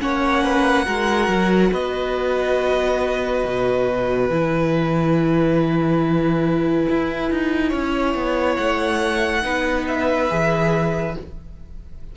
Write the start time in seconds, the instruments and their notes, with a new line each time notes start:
0.00 cello A#3, viola C#4, violin C#5 F#5
0.45 violin B4
0.86 cello G#3, viola F#4, violin A#4
1.29 cello F#3
1.72 cello B3, violin B4 D#5
3.46 cello B2
4.29 cello E3, viola E4, violin G#5
6.89 cello E4
7.31 cello D#4
7.69 cello C#4, violin C#5
8.15 cello B3
8.57 cello A3, violin F#5
9.43 cello B3, viola D#4, violin B4
9.88 violin E5
10.30 cello E3, viola G#4